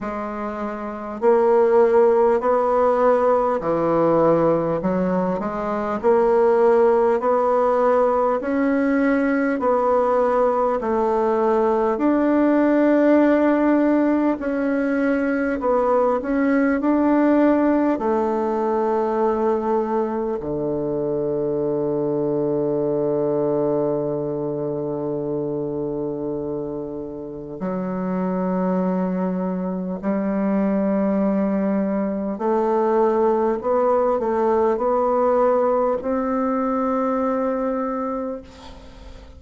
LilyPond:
\new Staff \with { instrumentName = "bassoon" } { \time 4/4 \tempo 4 = 50 gis4 ais4 b4 e4 | fis8 gis8 ais4 b4 cis'4 | b4 a4 d'2 | cis'4 b8 cis'8 d'4 a4~ |
a4 d2.~ | d2. fis4~ | fis4 g2 a4 | b8 a8 b4 c'2 | }